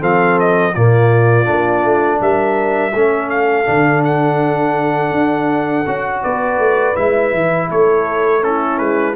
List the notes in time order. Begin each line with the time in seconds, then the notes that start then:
0.00 F3 C4 A4 F5
0.40 D#5
0.74 A#2 A#3 F4 D5
1.45 A#3 D4
1.84 A3
2.21 G3 A#4 E5
2.94 A3 C#4 A4
3.30 F5
3.66 D3 D4
4.04 F#5
5.11 D4
5.87 C#4 F#4
6.22 B3 B4 D5
6.59 A3
6.96 G#3 E4 E5
7.33 E3
7.70 A3 A4 C#5
8.42 C#4 E4 A4
8.79 G#3 B4